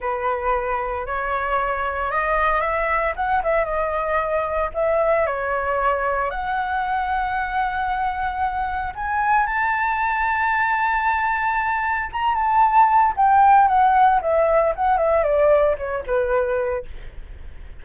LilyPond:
\new Staff \with { instrumentName = "flute" } { \time 4/4 \tempo 4 = 114 b'2 cis''2 | dis''4 e''4 fis''8 e''8 dis''4~ | dis''4 e''4 cis''2 | fis''1~ |
fis''4 gis''4 a''2~ | a''2. ais''8 a''8~ | a''4 g''4 fis''4 e''4 | fis''8 e''8 d''4 cis''8 b'4. | }